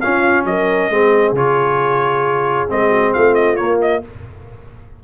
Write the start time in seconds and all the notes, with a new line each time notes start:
0.00 C#4 F4 F5
0.44 F#3 A#4 D#5
0.89 G#3 C4 G#4
1.32 C#3 F4 C#5
2.68 G#3 C4 D#5
2.89 F#4
3.13 A3 F4 F5
3.34 D#5
3.56 A#3 C#5
3.81 D#5